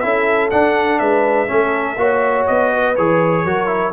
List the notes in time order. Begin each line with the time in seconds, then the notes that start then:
0.00 C#4 E4 A4 E5
0.51 D4 F#5
0.99 G#3 B4 E5
1.48 A3 C#4 A4
1.97 A#3 F#4 C#5
2.47 B3 D#5
2.73 B4
2.96 E3 G#4 C#5
3.44 F#3 F#4 A#4
3.67 E4